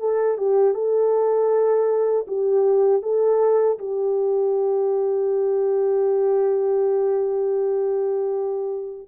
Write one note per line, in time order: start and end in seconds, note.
0.00 0.38 A4
0.38 0.75 G4
0.75 2.26 A4
2.28 3.02 G4
3.02 3.78 A4
3.79 9.09 G4